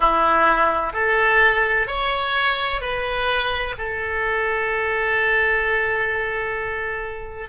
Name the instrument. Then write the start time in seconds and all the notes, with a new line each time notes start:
oboe
0.00 E4
0.93 A4
1.87 C#5
2.81 B4
3.78 A4